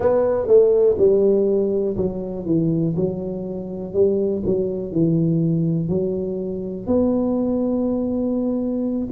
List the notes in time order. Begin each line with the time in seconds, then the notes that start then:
0.00 B3
0.47 A3
0.98 G3
1.97 F#3
2.45 E3
2.96 F#3
3.93 G3
4.45 F#3
4.92 E3
5.88 F#3
6.86 B3